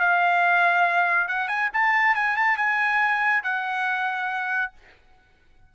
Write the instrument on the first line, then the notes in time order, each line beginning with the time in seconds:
trumpet
0.00 F5
1.29 F#5
1.48 G#5
1.73 A5
2.15 G#5
2.37 A5
2.57 G#5
3.44 F#5